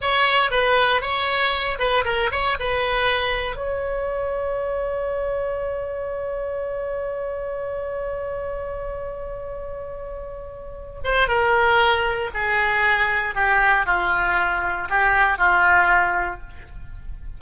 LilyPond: \new Staff \with { instrumentName = "oboe" } { \time 4/4 \tempo 4 = 117 cis''4 b'4 cis''4. b'8 | ais'8 cis''8 b'2 cis''4~ | cis''1~ | cis''1~ |
cis''1~ | cis''4. c''8 ais'2 | gis'2 g'4 f'4~ | f'4 g'4 f'2 | }